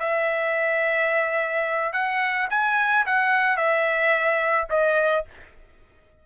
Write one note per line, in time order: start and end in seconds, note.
0.00 1.93 E5
1.93 2.48 F#5
2.50 3.06 G#5
3.06 3.57 F#5
3.57 4.68 E5
4.70 5.25 D#5